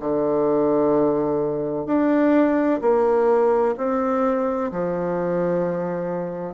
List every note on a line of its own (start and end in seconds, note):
0.00 1.87 D3
1.87 2.80 D4
2.82 3.75 A#3
3.78 4.71 C4
4.72 6.54 F3